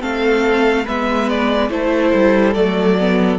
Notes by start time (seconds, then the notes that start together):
0.00 A3 C4 A4 F5
0.85 G#3 B3 B4 E5
1.29 D5
1.70 A3 E4 A4 C5
2.14 G3
2.54 F#3 A3 D5
3.01 B3